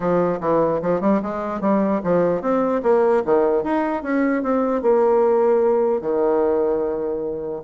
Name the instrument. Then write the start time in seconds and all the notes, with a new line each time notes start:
bassoon
0.00 F3
0.40 E3
0.82 F3
1.00 G3
1.22 G#3
1.61 G3
2.03 F3
2.41 C4
2.82 A#3
3.25 D#3
3.63 D#4
4.03 C#4
4.42 C4
4.82 A#3
6.01 D#3